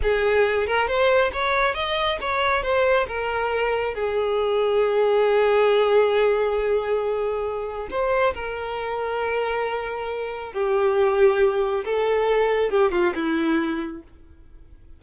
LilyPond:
\new Staff \with { instrumentName = "violin" } { \time 4/4 \tempo 4 = 137 gis'4. ais'8 c''4 cis''4 | dis''4 cis''4 c''4 ais'4~ | ais'4 gis'2.~ | gis'1~ |
gis'2 c''4 ais'4~ | ais'1 | g'2. a'4~ | a'4 g'8 f'8 e'2 | }